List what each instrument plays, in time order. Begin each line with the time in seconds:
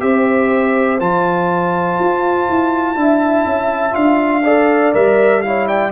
0.00 tuba C4, trombone G4, horn C5, trumpet E5
0.99 tuba F3, trombone F4, trumpet A5
1.99 tuba F4
2.49 tuba E4
2.95 tuba D4, trombone E4, horn E5
3.46 tuba C#4
3.92 tuba D4, trombone F4, trumpet F5
4.45 trombone A4, horn D5
4.93 tuba G3, trombone A#4, trumpet E5
5.42 trombone E4, horn C#5, trumpet F5
5.68 horn D5, trumpet G5